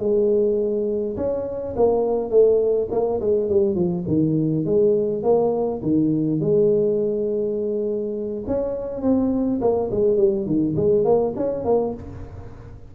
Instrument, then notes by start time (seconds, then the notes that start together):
tuba
0.00 G#3
1.17 C#4
1.76 A#3
2.31 A3
2.92 A#3
3.21 G#3
3.50 G3
3.75 F3
4.08 D#3
4.66 G#3
5.23 A#3
5.83 D#3
6.41 G#3
8.47 C#4
9.02 C4
9.61 A#3
9.91 G#3
10.18 G3
10.46 D#3
10.77 G#3
11.05 A#3
11.37 C#4
11.65 A#3